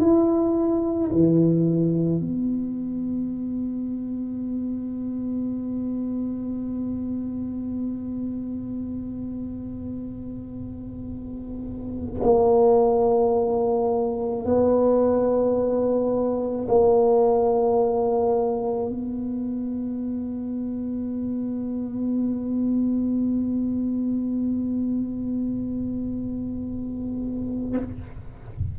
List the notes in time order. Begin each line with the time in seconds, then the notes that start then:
0.00 E4
1.12 E3
2.21 B3
12.23 A#3
14.45 B3
16.69 A#3
18.90 B3